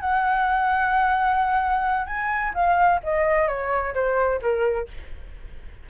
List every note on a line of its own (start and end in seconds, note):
0.00 2.06 F#5
2.06 2.53 G#5
2.54 3.00 F5
3.03 3.47 D#5
3.47 3.94 C#5
3.94 4.40 C5
4.41 4.88 A#4